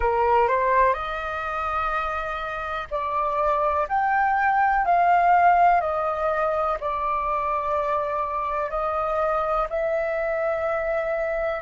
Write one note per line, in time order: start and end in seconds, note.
0.00 0.48 A#4
0.48 0.93 C5
0.93 2.87 D#5
2.90 3.87 D5
3.88 4.85 G5
4.85 5.81 F5
5.81 6.77 D#5
6.80 8.70 D5
8.70 9.67 D#5
9.69 11.61 E5